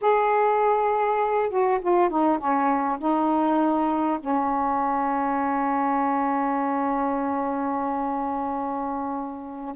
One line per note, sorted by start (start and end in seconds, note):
0.01 1.49 G#4
1.49 1.79 F#4
1.81 2.09 F4
2.09 2.38 D#4
2.38 2.98 C#4
2.98 4.18 D#4
4.20 9.75 C#4